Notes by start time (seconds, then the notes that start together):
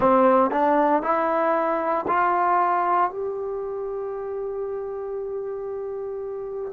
0.00 C4
0.50 D4
1.02 E4
2.07 F4
3.10 G4